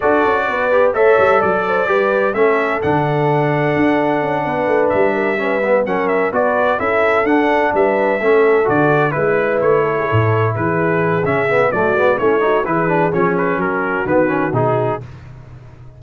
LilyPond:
<<
  \new Staff \with { instrumentName = "trumpet" } { \time 4/4 \tempo 4 = 128 d''2 e''4 d''4~ | d''4 e''4 fis''2~ | fis''2~ fis''8 e''4.~ | e''8 fis''8 e''8 d''4 e''4 fis''8~ |
fis''8 e''2 d''4 b'8~ | b'8 cis''2 b'4. | e''4 d''4 cis''4 b'4 | cis''8 b'8 ais'4 b'4 gis'4 | }
  \new Staff \with { instrumentName = "horn" } { \time 4/4 a'4 b'4 cis''4 d''8 c''8 | b'4 a'2.~ | a'4. b'4. ais'8 b'8~ | b'8 ais'4 b'4 a'4.~ |
a'8 b'4 a'2 b'8~ | b'4 a'16 gis'16 a'4 gis'4.~ | gis'4 fis'4 e'8 fis'8 gis'4~ | gis'4 fis'2. | }
  \new Staff \with { instrumentName = "trombone" } { \time 4/4 fis'4. g'8 a'2 | g'4 cis'4 d'2~ | d'2.~ d'8 cis'8 | b8 cis'4 fis'4 e'4 d'8~ |
d'4. cis'4 fis'4 e'8~ | e'1 | cis'8 b8 a8 b8 cis'8 dis'8 e'8 d'8 | cis'2 b8 cis'8 dis'4 | }
  \new Staff \with { instrumentName = "tuba" } { \time 4/4 d'8 cis'8 b4 a8 g8 fis4 | g4 a4 d2 | d'4 cis'8 b8 a8 g4.~ | g8 fis4 b4 cis'4 d'8~ |
d'8 g4 a4 d4 gis8~ | gis8 a4 a,4 e4. | cis4 fis8 gis8 a4 e4 | f4 fis4 dis4 b,4 | }
>>